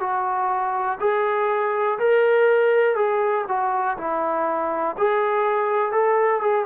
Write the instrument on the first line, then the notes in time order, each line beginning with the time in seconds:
trombone
0.00 F#4
1.00 G#4
1.99 A#4
2.96 G#4
3.48 F#4
3.97 E4
4.98 G#4
5.92 A4
6.41 G#4